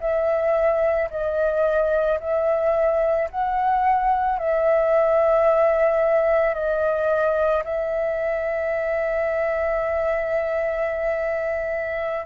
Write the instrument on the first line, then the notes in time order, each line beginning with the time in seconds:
flute
0.00 E5
1.10 D#5
2.20 E5
3.30 F#5
4.38 E5
6.54 D#5
7.64 E5